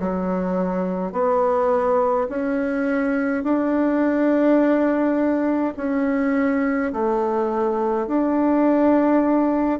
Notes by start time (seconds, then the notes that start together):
0.00 F#3
1.13 B3
2.30 C#4
3.44 D4
5.77 C#4
6.93 A3
8.07 D4